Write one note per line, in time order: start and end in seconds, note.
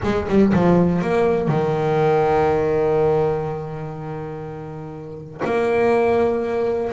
0.03 0.27 G#3
0.28 0.53 G3
0.53 1.01 F3
1.01 1.48 A#3
1.48 5.41 D#3
5.44 6.91 A#3